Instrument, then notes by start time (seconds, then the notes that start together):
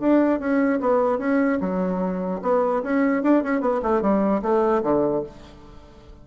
bassoon
0.00 D4
0.39 C#4
0.80 B3
1.18 C#4
1.60 F#3
2.42 B3
2.82 C#4
3.23 D4
3.43 C#4
3.61 B3
3.82 A3
4.01 G3
4.42 A3
4.83 D3